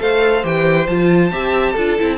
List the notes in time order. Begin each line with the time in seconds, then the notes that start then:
0.00 A3 A4 C5 F5
0.43 E3 G4 G5
0.87 F3 F4 A5
1.32 C4 G4 E5
1.73 D4 F4 A4
1.99 C4 E4